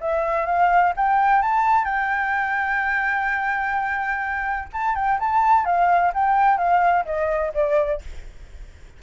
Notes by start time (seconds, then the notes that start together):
0.00 E5
0.46 F5
0.96 G5
1.42 A5
1.85 G5
4.73 A5
4.95 G5
5.19 A5
5.65 F5
6.14 G5
6.57 F5
7.05 D#5
7.54 D5